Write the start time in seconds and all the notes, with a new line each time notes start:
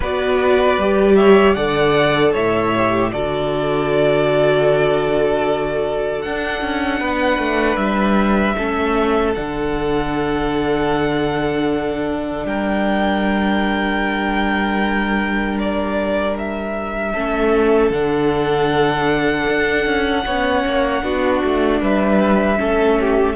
0.00 B3 F#4 B4 D5
0.77 G3 G4
1.15 C#5 E5
1.53 D3 A4 D5 F#5
2.32 A2 C#5 E5
2.76 G4
3.12 D3 F#4 A4 D5
6.22 D4 F#5
6.28 D4
6.61 C#4
6.99 B3 B4
7.38 A3
7.76 G3 E5
8.56 A3 C#4 A4
9.34 D3 D4 F#5
12.45 G3 A#4 G5
15.59 D5
16.37 E5
17.12 A3 C#4 A4
17.90 D3 D4 F#5
19.47 D4
19.86 C#4
20.25 B3 C#4 C#5
20.65 A#3
21.01 B3 D4 F#4
21.43 A3
21.80 G3 B4 E5
22.57 A3 C#4 A4
23.00 G4